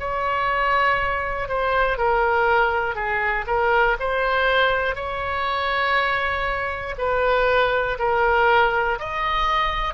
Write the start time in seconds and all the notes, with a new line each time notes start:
0.00 C#5
1.49 C5
1.98 A#4
2.95 G#4
3.47 A#4
4.00 C5
4.95 C#5
6.98 B4
7.99 A#4
9.00 D#5